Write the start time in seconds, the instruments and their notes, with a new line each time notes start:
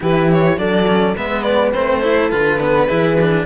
0.00 cello E3 E4, horn G4, violin B4
0.32 violin C#5
0.57 cello F#3 D4, horn A4, violin D5
0.87 cello C#4
1.15 cello G#3 B3, horn B4, violin E5
1.43 violin D5
1.72 cello A3 C4, violin C5
2.02 cello E4, horn A4
2.30 cello D3 F4, violin B4
2.59 cello B3
2.86 cello E3 E4, horn G#4
3.21 cello D4